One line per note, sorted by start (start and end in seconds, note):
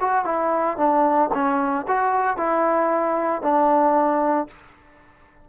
0.00 0.25 F#4
0.25 0.77 E4
0.77 1.30 D4
1.33 1.86 C#4
1.88 2.37 F#4
2.37 3.42 E4
3.42 4.47 D4